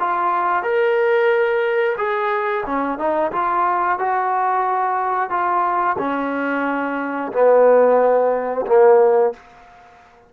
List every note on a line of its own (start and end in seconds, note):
0.00 0.63 F4
0.63 1.96 A#4
1.98 2.65 G#4
2.66 2.99 C#4
2.99 3.32 D#4
3.32 3.99 F4
3.99 5.30 F#4
5.30 5.97 F4
5.99 7.32 C#4
7.33 8.66 B3
8.67 9.34 A#3